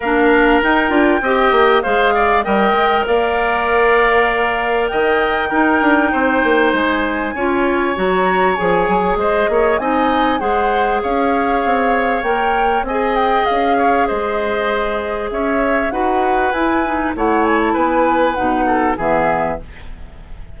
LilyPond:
<<
  \new Staff \with { instrumentName = "flute" } { \time 4/4 \tempo 4 = 98 f''4 g''2 f''4 | g''4 f''2. | g''2. gis''4~ | gis''4 ais''4 gis''4 dis''4 |
gis''4 fis''4 f''2 | g''4 gis''8 g''8 f''4 dis''4~ | dis''4 e''4 fis''4 gis''4 | fis''8 gis''16 a''16 gis''4 fis''4 e''4 | }
  \new Staff \with { instrumentName = "oboe" } { \time 4/4 ais'2 dis''4 c''8 d''8 | dis''4 d''2. | dis''4 ais'4 c''2 | cis''2. c''8 cis''8 |
dis''4 c''4 cis''2~ | cis''4 dis''4. cis''8 c''4~ | c''4 cis''4 b'2 | cis''4 b'4. a'8 gis'4 | }
  \new Staff \with { instrumentName = "clarinet" } { \time 4/4 d'4 dis'8 f'8 g'4 gis'4 | ais'1~ | ais'4 dis'2. | f'4 fis'4 gis'2 |
dis'4 gis'2. | ais'4 gis'2.~ | gis'2 fis'4 e'8 dis'8 | e'2 dis'4 b4 | }
  \new Staff \with { instrumentName = "bassoon" } { \time 4/4 ais4 dis'8 d'8 c'8 ais8 gis4 | g8 gis8 ais2. | dis4 dis'8 d'8 c'8 ais8 gis4 | cis'4 fis4 f8 fis8 gis8 ais8 |
c'4 gis4 cis'4 c'4 | ais4 c'4 cis'4 gis4~ | gis4 cis'4 dis'4 e'4 | a4 b4 b,4 e4 | }
>>